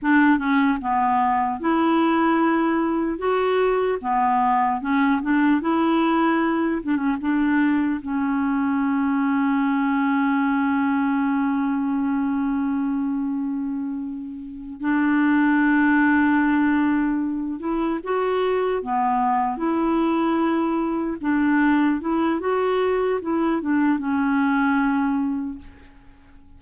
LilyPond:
\new Staff \with { instrumentName = "clarinet" } { \time 4/4 \tempo 4 = 75 d'8 cis'8 b4 e'2 | fis'4 b4 cis'8 d'8 e'4~ | e'8 d'16 cis'16 d'4 cis'2~ | cis'1~ |
cis'2~ cis'8 d'4.~ | d'2 e'8 fis'4 b8~ | b8 e'2 d'4 e'8 | fis'4 e'8 d'8 cis'2 | }